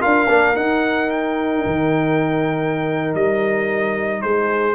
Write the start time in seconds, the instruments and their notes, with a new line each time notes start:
0.00 tuba D4, trombone F4, horn A#4, trumpet F5
0.29 tuba A#3, trombone D4
0.55 trombone D#4, tuba D#4, trumpet F#5
1.10 trumpet G5
1.66 tuba D#3
3.15 tuba G3, trumpet D#5
4.22 tuba G#3, horn G#4, trumpet C5